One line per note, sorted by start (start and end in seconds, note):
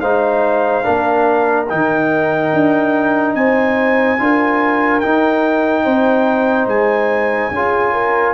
0.00 0.83 G#3
0.00 0.84 D#4
0.00 0.85 C5
0.00 1.67 F5
0.84 1.72 A#3
0.84 1.67 D4
0.84 3.35 A#4
1.69 2.53 D#3
1.69 4.19 D#4
1.69 3.35 G5
2.53 3.35 D4
3.35 4.19 C4
3.35 4.21 C5
3.35 5.01 G#5
4.19 5.03 D4
4.19 5.02 F4
4.19 5.85 A#4
5.01 7.53 D#4
5.01 5.86 D#4
5.01 6.67 G5
5.85 6.67 C4
5.85 7.51 C5
6.67 7.51 G#3
6.67 8.35 G#5
7.51 8.34 C#4
7.51 8.35 F4
7.51 7.93 G#4
7.93 8.35 A#4